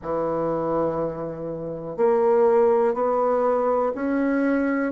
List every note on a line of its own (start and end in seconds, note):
0.02 1.96 E3
1.96 2.93 A#3
2.93 3.92 B3
3.94 4.92 C#4